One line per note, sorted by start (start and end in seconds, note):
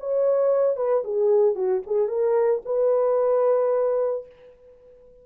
0.00 0.77 C#5
0.77 1.04 B4
1.04 1.56 G#4
1.56 1.83 F#4
1.87 2.08 G#4
2.08 2.62 A#4
2.66 4.27 B4